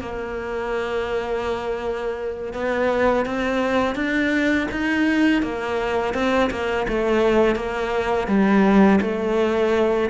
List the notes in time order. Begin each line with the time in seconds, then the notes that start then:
0.00 A#3
2.53 B3
3.26 C4
3.95 D4
4.71 D#4
5.42 A#3
6.14 C4
6.50 A#3
6.88 A3
7.56 A#3
8.27 G3
9.01 A3